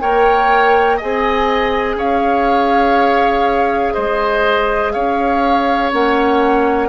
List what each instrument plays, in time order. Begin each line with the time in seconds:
0.00 bassoon A#3, clarinet A#4, oboe C#5, flute G5
0.97 bassoon C4, clarinet G#4, oboe D#5, flute G#5
1.95 bassoon C#4, oboe C#5, flute F5
3.94 bassoon G#3, oboe C5, flute D#5
4.92 bassoon C#4, oboe C#5, flute F5
5.93 bassoon A#3, clarinet C#4, flute F#5